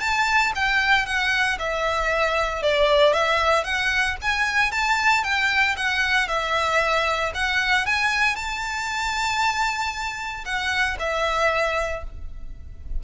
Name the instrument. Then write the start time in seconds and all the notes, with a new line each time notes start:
violin
0.00 A5
0.55 G5
1.06 F#5
1.59 E5
2.62 D5
3.13 E5
3.64 F#5
4.21 G#5
4.71 A5
5.23 G5
5.77 F#5
6.28 E5
7.34 F#5
7.86 G#5
8.35 A5
10.45 F#5
10.99 E5